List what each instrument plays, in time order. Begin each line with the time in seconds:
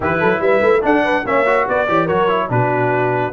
0.00 tuba E3, trombone E4, horn G4, trumpet B4
0.20 tuba F#3, horn A4
0.39 tuba G3, horn B4, trumpet E5
0.61 tuba A3
0.81 trombone D4, tuba D4, horn A4, trumpet F#5
1.03 horn B4
1.25 tuba A#3, trombone C#4, horn C#5, trumpet E5
1.45 trombone F#4
1.68 tuba B3, horn B4, trumpet D5
1.88 tuba E3, trombone G4, horn C#5
2.05 tuba F#3, trombone F#4, horn A#4, trumpet C#5
2.28 trombone E4
2.49 tuba B2, trombone D4, horn F#4, trumpet B4